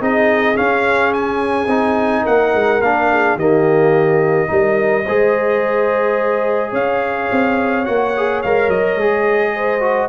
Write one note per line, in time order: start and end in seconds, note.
0.00 0.57 C4
0.00 0.55 D#4
0.00 2.23 G#4
0.00 0.57 D#5
0.55 1.68 C#4
0.55 1.67 C#4
0.55 1.13 F5
1.13 2.26 G#5
1.67 2.23 C4
1.67 2.81 D#4
2.23 2.54 A#3
2.23 3.07 A#4
2.23 2.82 F#5
2.54 2.81 G#3
2.81 3.36 A#3
2.81 3.39 D4
2.81 3.38 F5
3.13 3.36 G#4
3.36 4.48 D#3
3.36 4.47 A#3
3.36 4.48 G4
3.36 6.75 D#5
4.47 5.07 G3
4.47 5.04 D#4
4.47 5.05 A#4
5.05 6.73 G#3
5.05 7.85 G#4
5.05 6.71 C5
6.71 7.29 C#4
6.71 9.52 C#5
6.71 7.85 F5
7.32 7.88 C4
7.85 8.44 A#3
7.85 8.13 F#4
7.85 8.41 F#5
8.17 8.45 G#4
8.43 8.69 G#3
8.43 9.00 A#4
8.43 8.70 F5
8.69 8.96 F#3
8.69 10.09 D#5
8.96 10.08 G#3
8.96 9.81 G#4
9.55 10.09 C5
9.81 10.09 F#4